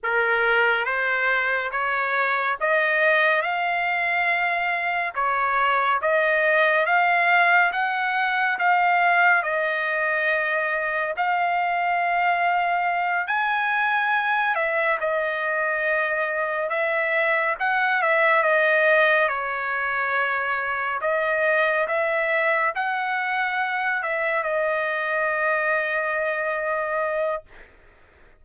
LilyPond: \new Staff \with { instrumentName = "trumpet" } { \time 4/4 \tempo 4 = 70 ais'4 c''4 cis''4 dis''4 | f''2 cis''4 dis''4 | f''4 fis''4 f''4 dis''4~ | dis''4 f''2~ f''8 gis''8~ |
gis''4 e''8 dis''2 e''8~ | e''8 fis''8 e''8 dis''4 cis''4.~ | cis''8 dis''4 e''4 fis''4. | e''8 dis''2.~ dis''8 | }